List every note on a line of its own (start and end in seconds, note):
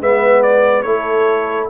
0.00 0.84 G#3
0.00 0.84 B3
0.00 0.86 B4
0.00 0.42 E5
0.42 0.82 D5
0.82 1.69 A3
0.82 1.69 E4
0.82 1.70 A4
0.82 1.67 C#5